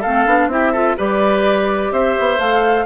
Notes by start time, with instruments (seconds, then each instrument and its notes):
0.00 clarinet C4, oboe A4, flute F5
0.06 bassoon A3
0.26 bassoon B3, clarinet D4
0.47 bassoon C4, clarinet E4, oboe G4, flute E5
0.72 clarinet F4, oboe A4
0.97 bassoon G3, clarinet G4, oboe B4, flute D5
1.91 bassoon C4, oboe C5, flute E5
2.19 bassoon B3
2.38 bassoon A3, clarinet A4, flute F5